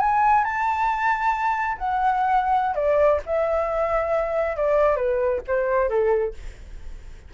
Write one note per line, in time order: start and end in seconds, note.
0.00 0.44 G#5
0.44 1.78 A5
1.78 2.76 F#5
2.76 3.20 D5
3.26 4.57 E5
4.57 4.96 D5
4.96 5.41 B4
5.48 5.89 C5
5.89 6.34 A4